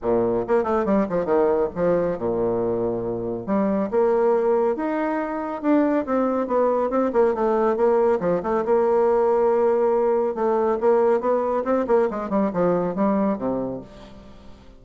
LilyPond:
\new Staff \with { instrumentName = "bassoon" } { \time 4/4 \tempo 4 = 139 ais,4 ais8 a8 g8 f8 dis4 | f4 ais,2. | g4 ais2 dis'4~ | dis'4 d'4 c'4 b4 |
c'8 ais8 a4 ais4 f8 a8 | ais1 | a4 ais4 b4 c'8 ais8 | gis8 g8 f4 g4 c4 | }